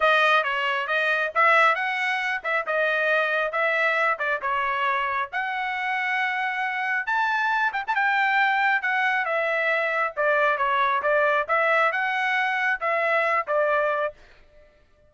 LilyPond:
\new Staff \with { instrumentName = "trumpet" } { \time 4/4 \tempo 4 = 136 dis''4 cis''4 dis''4 e''4 | fis''4. e''8 dis''2 | e''4. d''8 cis''2 | fis''1 |
a''4. g''16 a''16 g''2 | fis''4 e''2 d''4 | cis''4 d''4 e''4 fis''4~ | fis''4 e''4. d''4. | }